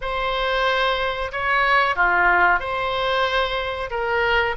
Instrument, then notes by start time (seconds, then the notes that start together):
oboe
0.01 C5
1.32 C#5
1.95 F4
2.59 C5
3.90 A#4